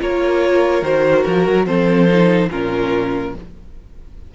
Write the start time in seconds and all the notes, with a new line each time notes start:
0.00 A#3 F4 A#4 C#5
0.82 D#3 F#4 C5
1.24 F3 A#4
1.48 F#3
1.66 F3 C4 A4 C5
2.09 D#4
2.51 A#2 C#4 F4 A#4